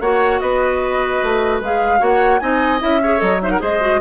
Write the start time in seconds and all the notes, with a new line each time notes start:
0.00 A#3 F#4 C#5 F#5
0.40 B3 B4 D#5
1.23 A3
1.61 G#3 G#4 F5
1.99 A#3 F#4 C#5 F#5
2.39 C4 D#4 D#5 G#5
2.79 C#4 E4 E5
3.02 G#4 C#5
3.17 F#3 A4 D#5
3.42 D#4 C5 E5
3.50 A#4 F#5
3.59 G#3 G#4 C5 D#5
3.80 F#4